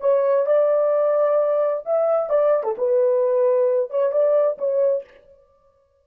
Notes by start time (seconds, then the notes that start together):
0.00 C#5
0.46 D5
1.85 E5
2.29 D5
2.63 A4
2.78 B4
3.90 C#5
4.12 D5
4.58 C#5